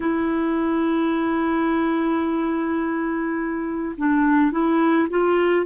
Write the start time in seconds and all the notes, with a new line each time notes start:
0.00 E4
3.97 D4
4.51 E4
5.09 F4